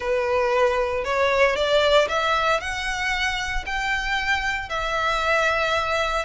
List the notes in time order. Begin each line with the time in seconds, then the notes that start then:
0.00 B4
1.04 C#5
1.55 D5
2.08 E5
2.60 F#5
3.65 G5
4.69 E5